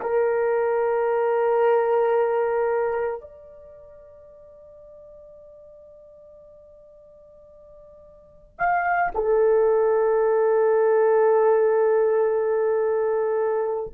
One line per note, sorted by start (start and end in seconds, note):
0.00 3.20 A#4
3.20 8.56 D5
8.58 9.12 F5
9.14 13.94 A4